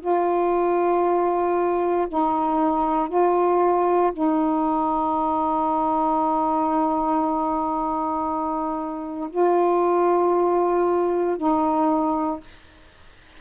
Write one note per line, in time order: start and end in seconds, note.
0.00 2.07 F4
2.08 3.08 D#4
3.08 4.12 F4
4.12 9.30 D#4
9.30 11.37 F4
11.37 12.40 D#4